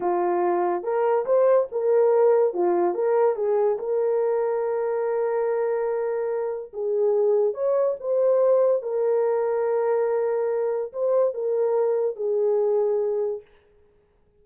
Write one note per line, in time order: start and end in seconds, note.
0.00 0.83 F4
0.83 1.25 A#4
1.25 1.67 C5
1.71 2.53 A#4
2.53 2.94 F4
2.94 3.35 A#4
3.35 3.77 G#4
3.78 6.72 A#4
6.73 7.53 G#4
7.53 7.95 C#5
7.99 8.82 C5
8.82 10.92 A#4
10.93 11.34 C5
11.34 12.15 A#4
12.15 13.41 G#4